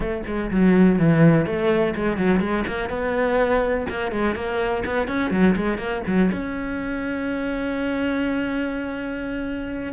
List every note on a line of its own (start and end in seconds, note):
0.00 0.22 A3
0.26 0.50 G#3
0.50 0.98 F#3
0.98 1.46 E3
1.46 1.94 A3
1.95 2.17 G#3
2.17 2.40 F#3
2.40 2.64 G#3
2.67 2.89 A#3
2.89 3.86 B3
3.89 4.11 A#3
4.11 4.35 G#3
4.35 4.83 A#3
4.85 5.07 B3
5.07 5.30 C#4
5.30 5.55 F#3
5.56 5.78 G#3
5.78 6.02 A#3
6.07 6.31 F#3
6.32 9.92 C#4